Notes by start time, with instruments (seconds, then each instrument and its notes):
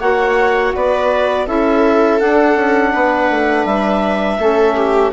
0.00 bassoon A#3, saxophone F#4, viola C#5, clarinet F#5
0.75 bassoon B3, viola B4, clarinet D5
1.46 bassoon C#4, saxophone E4, viola A4, clarinet E5
2.20 saxophone D4, bassoon D4, clarinet F#5
2.56 bassoon C#4
2.93 bassoon B3, viola B4
3.31 bassoon A3
3.66 bassoon G3, clarinet E5
4.38 bassoon A3, saxophone C#4, viola A4
4.76 viola G4